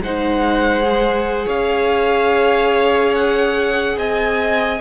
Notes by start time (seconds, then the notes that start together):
0.00 G#3 D#4 C5 F#5
0.82 G#4
1.46 C#4 C#5 F5
3.15 F#5
3.97 C4 D#5 G#5